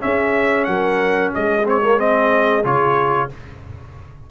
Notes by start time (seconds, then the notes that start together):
0.00 C#4 G#4 E5
0.65 F#3 A#4 F#5
1.34 G#3 G#4 D#5
1.65 C4 C#5
1.82 A#3
1.98 C4 D#5
2.64 C#3 F4 C#5